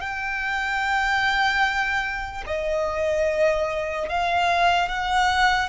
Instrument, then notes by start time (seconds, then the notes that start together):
violin
0.00 G5
2.46 D#5
4.08 F5
4.88 F#5